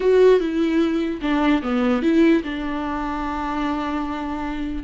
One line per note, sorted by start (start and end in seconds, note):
0.00 0.40 F#4
0.40 1.20 E4
1.21 1.61 D4
1.62 2.02 B3
2.02 2.43 E4
2.43 4.83 D4